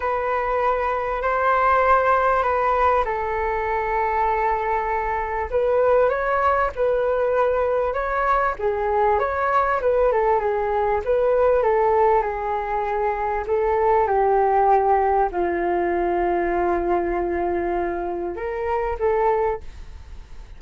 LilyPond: \new Staff \with { instrumentName = "flute" } { \time 4/4 \tempo 4 = 98 b'2 c''2 | b'4 a'2.~ | a'4 b'4 cis''4 b'4~ | b'4 cis''4 gis'4 cis''4 |
b'8 a'8 gis'4 b'4 a'4 | gis'2 a'4 g'4~ | g'4 f'2.~ | f'2 ais'4 a'4 | }